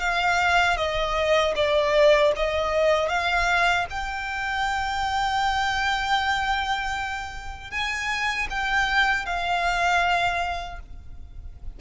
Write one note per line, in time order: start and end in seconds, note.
0.00 0.77 F5
0.77 1.54 D#5
1.56 2.33 D5
2.36 3.09 D#5
3.09 3.86 F5
3.90 7.71 G5
7.71 8.48 G#5
8.50 9.26 G5
9.26 10.80 F5